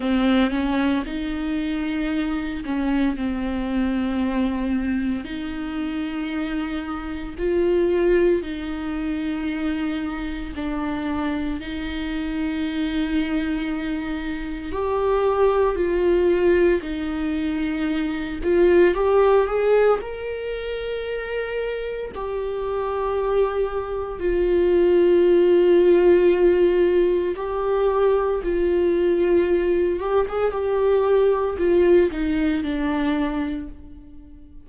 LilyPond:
\new Staff \with { instrumentName = "viola" } { \time 4/4 \tempo 4 = 57 c'8 cis'8 dis'4. cis'8 c'4~ | c'4 dis'2 f'4 | dis'2 d'4 dis'4~ | dis'2 g'4 f'4 |
dis'4. f'8 g'8 gis'8 ais'4~ | ais'4 g'2 f'4~ | f'2 g'4 f'4~ | f'8 g'16 gis'16 g'4 f'8 dis'8 d'4 | }